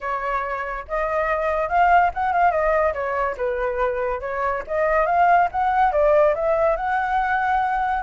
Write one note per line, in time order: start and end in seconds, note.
0.00 0.85 C#5
0.88 1.68 D#5
1.68 2.10 F5
2.14 2.32 F#5
2.32 2.51 F5
2.51 2.93 D#5
2.93 3.35 C#5
3.37 4.20 B4
4.20 4.62 C#5
4.67 5.06 D#5
5.06 5.48 F5
5.51 5.92 F#5
5.92 6.34 D5
6.35 6.76 E5
6.76 8.03 F#5